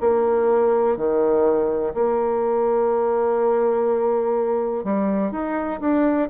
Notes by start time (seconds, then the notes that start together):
0.00 A#3
0.96 D#3
1.94 A#3
4.83 G3
5.31 D#4
5.80 D4